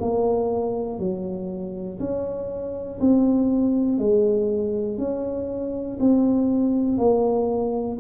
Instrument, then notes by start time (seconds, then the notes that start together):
tuba
0.00 A#3
0.99 F#3
2.00 C#4
3.00 C4
3.98 G#3
4.98 C#4
6.00 C4
6.98 A#3